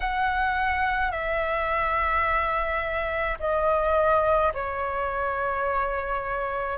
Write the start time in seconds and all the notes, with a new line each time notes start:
0.00 F#5
1.11 E5
3.40 D#5
4.53 C#5